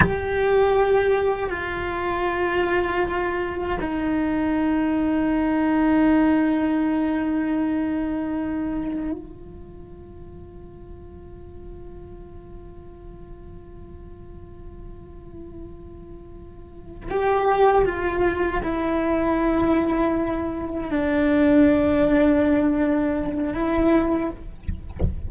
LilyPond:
\new Staff \with { instrumentName = "cello" } { \time 4/4 \tempo 4 = 79 g'2 f'2~ | f'4 dis'2.~ | dis'1 | f'1~ |
f'1~ | f'2~ f'8 g'4 f'8~ | f'8 e'2. d'8~ | d'2. e'4 | }